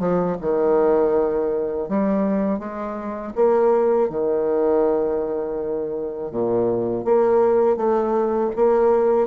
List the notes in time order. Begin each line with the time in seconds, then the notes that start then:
0.00 F3
0.41 D#3
1.89 G3
2.59 G#3
3.36 A#3
4.10 D#3
6.32 A#2
7.05 A#3
7.77 A3
8.56 A#3